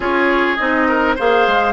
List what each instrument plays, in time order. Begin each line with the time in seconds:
0.00 bassoon C#4, clarinet F4, oboe G#4, flute C#5
0.56 bassoon C4, clarinet D#4, flute D#5
0.88 oboe A#4
1.15 bassoon A#3, clarinet G#4, oboe C5, flute F5
1.47 bassoon G#3